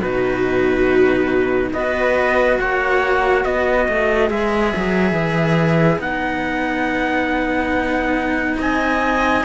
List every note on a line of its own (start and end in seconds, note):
0.00 1.72 B2
0.00 1.74 D#4
0.00 1.71 F#4
0.00 1.72 B4
1.73 2.59 B3
1.73 4.28 F#4
1.73 2.60 B4
1.73 2.59 D#5
2.59 3.45 A#3
2.59 3.45 C#5
2.59 3.44 F#5
3.44 3.88 B3
3.44 8.58 B4
3.44 4.30 D#5
3.89 4.30 A3
4.28 4.73 G#3
4.28 5.99 G#4
4.28 6.01 E5
4.76 5.12 F#3
5.12 5.98 E3
5.99 8.56 B3
5.99 9.42 D#4
5.99 8.58 F#5
8.58 9.45 C4
8.58 9.44 D#5
8.58 9.45 G#5